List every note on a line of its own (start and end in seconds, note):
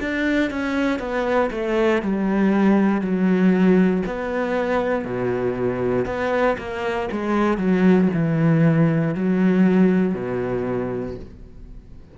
0.00 0.50 D4
0.50 0.99 C#4
0.99 1.50 B3
1.51 2.02 A3
2.02 3.01 G3
3.01 4.03 F#3
4.06 5.05 B3
5.05 6.06 B2
6.06 6.56 B3
6.58 7.09 A#3
7.12 7.58 G#3
7.58 8.09 F#3
8.14 9.15 E3
9.15 10.15 F#3
10.15 11.16 B2